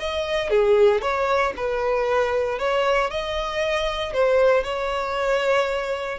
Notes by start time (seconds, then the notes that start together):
0.00 D#5
0.50 G#4
1.02 C#5
1.57 B4
2.59 C#5
3.11 D#5
4.14 C5
4.64 C#5